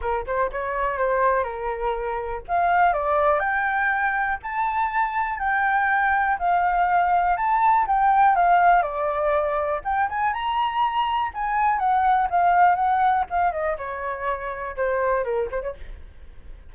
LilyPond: \new Staff \with { instrumentName = "flute" } { \time 4/4 \tempo 4 = 122 ais'8 c''8 cis''4 c''4 ais'4~ | ais'4 f''4 d''4 g''4~ | g''4 a''2 g''4~ | g''4 f''2 a''4 |
g''4 f''4 d''2 | g''8 gis''8 ais''2 gis''4 | fis''4 f''4 fis''4 f''8 dis''8 | cis''2 c''4 ais'8 c''16 cis''16 | }